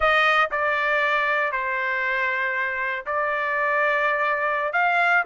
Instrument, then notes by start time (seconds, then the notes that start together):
trumpet
0.00 D#5
0.51 D5
1.52 C5
3.06 D5
4.72 F5